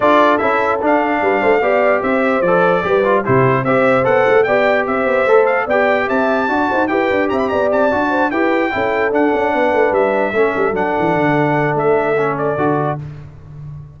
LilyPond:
<<
  \new Staff \with { instrumentName = "trumpet" } { \time 4/4 \tempo 4 = 148 d''4 e''4 f''2~ | f''4 e''4 d''2 | c''4 e''4 fis''4 g''4 | e''4. f''8 g''4 a''4~ |
a''4 g''4 ais''16 b''16 ais''8 a''4~ | a''8 g''2 fis''4.~ | fis''8 e''2 fis''4.~ | fis''4 e''4. d''4. | }
  \new Staff \with { instrumentName = "horn" } { \time 4/4 a'2. b'8 c''8 | d''4 c''2 b'4 | g'4 c''2 d''4 | c''2 d''4 e''4 |
d''8 c''8 b'4 e''8 d''4. | c''8 b'4 a'2 b'8~ | b'4. a'2~ a'8~ | a'1 | }
  \new Staff \with { instrumentName = "trombone" } { \time 4/4 f'4 e'4 d'2 | g'2 a'4 g'8 f'8 | e'4 g'4 a'4 g'4~ | g'4 a'4 g'2 |
fis'4 g'2~ g'8 fis'8~ | fis'8 g'4 e'4 d'4.~ | d'4. cis'4 d'4.~ | d'2 cis'4 fis'4 | }
  \new Staff \with { instrumentName = "tuba" } { \time 4/4 d'4 cis'4 d'4 g8 a8 | b4 c'4 f4 g4 | c4 c'4 b8 a8 b4 | c'8 b8 a4 b4 c'4 |
d'8 dis'8 e'8 d'8 c'8 b8 c'8 d'8~ | d'8 e'4 cis'4 d'8 cis'8 b8 | a8 g4 a8 g8 fis8 e8 d8~ | d4 a2 d4 | }
>>